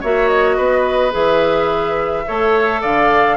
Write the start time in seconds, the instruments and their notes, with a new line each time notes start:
0.00 bassoon A#3, clarinet F#4, oboe C#5, flute E5
0.28 flute D#5
0.56 bassoon B3, oboe B4
1.11 bassoon E3, clarinet G#4, flute E5
2.27 bassoon A3, clarinet A4, oboe C#5
2.81 bassoon D3, oboe D5, flute F5